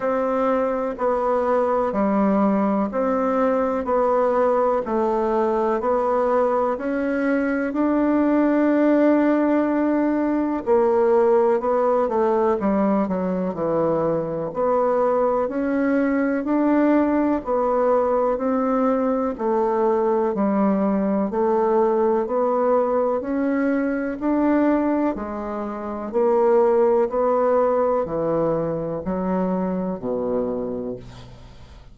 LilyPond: \new Staff \with { instrumentName = "bassoon" } { \time 4/4 \tempo 4 = 62 c'4 b4 g4 c'4 | b4 a4 b4 cis'4 | d'2. ais4 | b8 a8 g8 fis8 e4 b4 |
cis'4 d'4 b4 c'4 | a4 g4 a4 b4 | cis'4 d'4 gis4 ais4 | b4 e4 fis4 b,4 | }